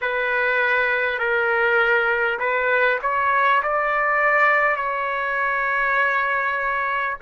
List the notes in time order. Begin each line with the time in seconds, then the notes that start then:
0.01 B4
1.18 A#4
2.39 B4
3.02 C#5
3.63 D5
4.76 C#5